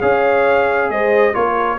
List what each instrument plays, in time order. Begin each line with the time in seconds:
0.00 tuba C#4, trombone G#4, horn C#5, trumpet F5
0.90 tuba G#3, horn C5, trumpet D#5
1.34 tuba A#3, trombone F4, horn A#4, trumpet C#5